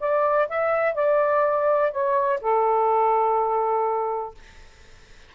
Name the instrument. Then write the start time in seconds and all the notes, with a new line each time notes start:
saxophone
0.00 D5
0.49 E5
0.95 D5
1.92 C#5
2.41 A4